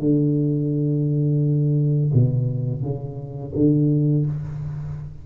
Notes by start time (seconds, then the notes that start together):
0.00 D3
2.14 B2
2.82 C#3
3.56 D3